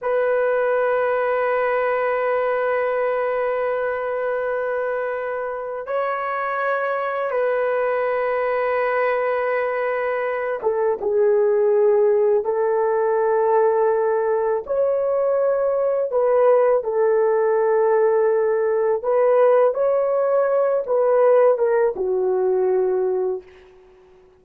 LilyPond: \new Staff \with { instrumentName = "horn" } { \time 4/4 \tempo 4 = 82 b'1~ | b'1 | cis''2 b'2~ | b'2~ b'8 a'8 gis'4~ |
gis'4 a'2. | cis''2 b'4 a'4~ | a'2 b'4 cis''4~ | cis''8 b'4 ais'8 fis'2 | }